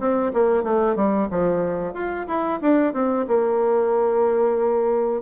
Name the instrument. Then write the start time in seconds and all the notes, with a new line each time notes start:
bassoon
0.00 C4
0.34 A#3
0.64 A3
0.96 G3
1.31 F3
1.94 F4
2.28 E4
2.62 D4
2.94 C4
3.28 A#3